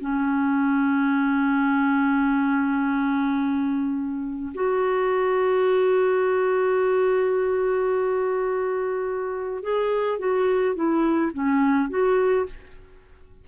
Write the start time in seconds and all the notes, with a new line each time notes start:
0.00 C#4
4.54 F#4
9.63 G#4
10.19 F#4
10.75 E4
11.33 C#4
11.90 F#4